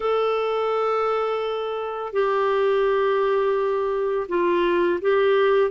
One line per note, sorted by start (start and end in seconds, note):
0.00 2.12 A4
2.12 4.27 G4
4.28 4.99 F4
5.01 5.70 G4